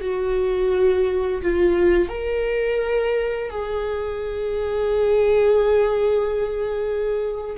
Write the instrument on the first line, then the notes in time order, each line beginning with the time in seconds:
viola
0.00 F#4
1.41 F4
2.09 A#4
3.50 G#4